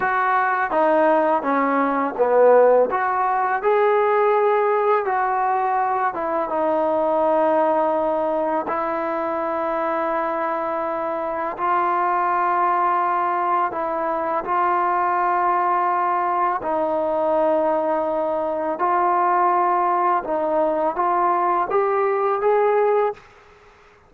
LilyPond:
\new Staff \with { instrumentName = "trombone" } { \time 4/4 \tempo 4 = 83 fis'4 dis'4 cis'4 b4 | fis'4 gis'2 fis'4~ | fis'8 e'8 dis'2. | e'1 |
f'2. e'4 | f'2. dis'4~ | dis'2 f'2 | dis'4 f'4 g'4 gis'4 | }